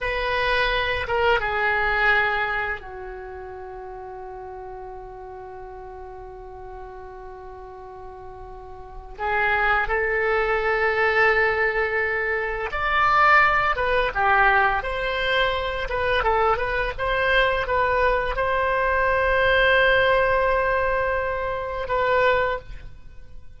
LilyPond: \new Staff \with { instrumentName = "oboe" } { \time 4/4 \tempo 4 = 85 b'4. ais'8 gis'2 | fis'1~ | fis'1~ | fis'4 gis'4 a'2~ |
a'2 d''4. b'8 | g'4 c''4. b'8 a'8 b'8 | c''4 b'4 c''2~ | c''2. b'4 | }